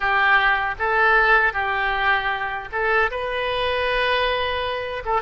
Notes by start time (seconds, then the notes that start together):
0.00 G4
0.79 A4
1.53 G4
2.71 A4
3.10 B4
5.05 A4